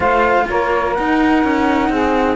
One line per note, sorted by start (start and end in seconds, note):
0.00 0.44 A3
0.00 0.95 F4
0.00 0.45 C5
0.00 0.48 F5
0.48 0.98 A#3
0.48 1.90 A#4
0.48 0.94 C#5
0.94 2.35 D#4
0.94 1.44 D#4
0.94 2.35 F#5
1.44 1.89 C#4
1.89 2.35 C4
1.89 2.35 G#4